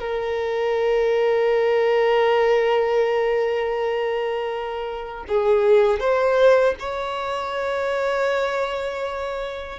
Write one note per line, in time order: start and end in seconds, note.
0.00 5.25 A#4
5.28 6.00 G#4
6.00 6.75 C5
6.80 9.79 C#5